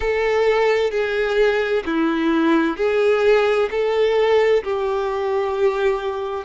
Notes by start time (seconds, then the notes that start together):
0.00 A4
0.90 G#4
1.85 E4
2.77 G#4
3.70 A4
4.63 G4